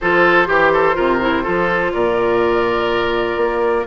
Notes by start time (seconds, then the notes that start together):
0.00 F3 F4 A4 C5
0.46 E3 G4
0.73 A4
0.94 C3 F4 A#4
1.20 E4
1.43 F3 F4 A4
1.92 A#2 A#4 D5
3.36 A#3